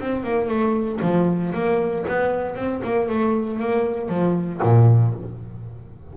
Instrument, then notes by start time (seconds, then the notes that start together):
double bass
0.00 C4
0.24 A#3
0.48 A3
1.02 F3
1.54 A#3
2.08 B3
2.56 C4
2.84 A#3
3.09 A3
3.60 A#3
4.09 F3
4.63 A#2